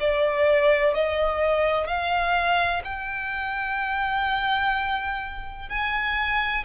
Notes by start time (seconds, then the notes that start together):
0.00 D5
0.94 D#5
1.87 F5
2.84 G5
5.69 G#5